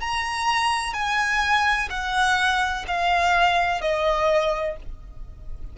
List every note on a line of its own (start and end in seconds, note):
0.00 0.94 A#5
0.94 1.89 G#5
1.90 2.85 F#5
2.87 3.81 F5
3.81 4.76 D#5